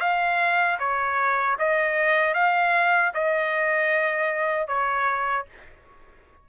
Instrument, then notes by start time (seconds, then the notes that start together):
trumpet
0.00 F5
0.79 C#5
1.59 D#5
2.34 F5
3.14 D#5
4.68 C#5